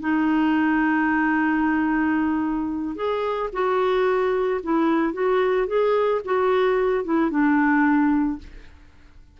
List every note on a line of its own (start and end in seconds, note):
0.00 2.95 D#4
2.95 3.49 G#4
3.53 4.61 F#4
4.63 5.13 E4
5.13 5.67 F#4
5.67 6.21 G#4
6.25 7.04 F#4
7.04 7.30 E4
7.30 8.38 D4